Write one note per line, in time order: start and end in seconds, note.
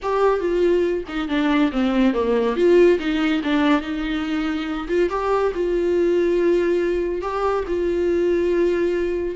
0.02 0.40 G4
0.40 1.03 F4
1.08 1.28 D#4
1.28 1.71 D4
1.72 2.13 C4
2.13 2.56 A#3
2.56 2.98 F4
2.99 3.41 D#4
3.43 3.81 D4
3.81 4.87 D#4
4.88 5.09 F4
5.09 5.52 G4
5.54 7.21 F4
7.21 7.64 G4
7.67 9.35 F4